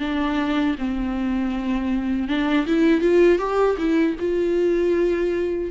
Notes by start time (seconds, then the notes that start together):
0.00 D4
0.78 C4
2.29 D4
2.67 E4
3.01 F4
3.39 G4
3.78 E4
4.19 F4